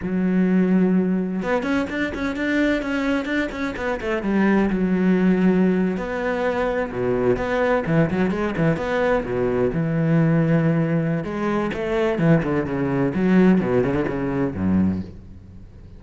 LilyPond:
\new Staff \with { instrumentName = "cello" } { \time 4/4 \tempo 4 = 128 fis2. b8 cis'8 | d'8 cis'8 d'4 cis'4 d'8 cis'8 | b8 a8 g4 fis2~ | fis8. b2 b,4 b16~ |
b8. e8 fis8 gis8 e8 b4 b,16~ | b,8. e2.~ e16 | gis4 a4 e8 d8 cis4 | fis4 b,8 cis16 d16 cis4 fis,4 | }